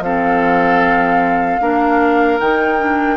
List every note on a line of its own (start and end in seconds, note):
0.00 1.58 F3
0.00 1.61 C4
0.00 1.62 A4
0.00 2.40 F5
1.61 2.40 A#3
1.61 2.40 D4
1.61 3.17 A#4
2.40 3.17 D#3
2.40 2.79 D#4
2.40 3.17 G5
2.79 3.17 D4